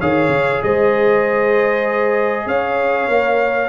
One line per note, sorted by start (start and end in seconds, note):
0.00 0.28 D#3
0.00 3.10 G#4
0.00 0.62 C#5
0.00 0.62 F5
0.28 0.59 C#3
0.63 2.46 G#3
0.63 2.47 C5
0.63 2.47 D#5
2.46 3.08 C#4
2.46 3.69 C#5
2.46 3.69 F5
3.08 3.69 A#3
3.08 3.69 A#4